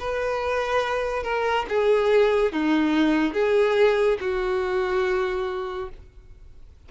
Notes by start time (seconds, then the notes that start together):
0.00 B4
1.24 A#4
1.69 G#4
2.53 D#4
3.34 G#4
4.21 F#4